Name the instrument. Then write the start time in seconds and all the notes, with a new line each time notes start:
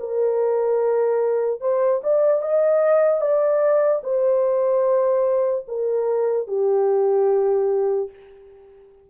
horn
0.00 A#4
1.61 C5
2.03 D5
2.42 D#5
3.21 D5
4.03 C5
5.68 A#4
6.48 G4